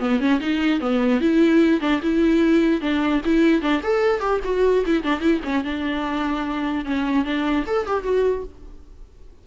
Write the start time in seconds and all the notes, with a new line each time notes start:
0.00 B3
0.20 C#4
0.40 D#4
0.81 B3
1.21 E4
1.81 D4
2.03 E4
2.82 D4
3.25 E4
3.62 D4
3.83 A4
4.21 G4
4.45 F#4
4.86 E4
5.04 D4
5.21 E4
5.44 C#4
5.64 D4
6.85 C#4
7.25 D4
7.67 A4
7.87 G4
8.04 F#4